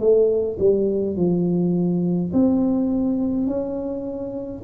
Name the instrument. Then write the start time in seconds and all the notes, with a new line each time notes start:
tuba
0.00 A3
0.59 G3
1.17 F3
2.33 C4
3.47 C#4